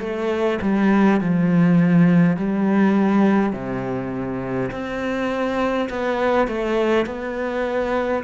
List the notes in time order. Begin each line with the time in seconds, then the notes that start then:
0.00 A3
0.62 G3
1.21 F3
2.37 G3
3.53 C3
4.72 C4
5.90 B3
6.48 A3
7.06 B3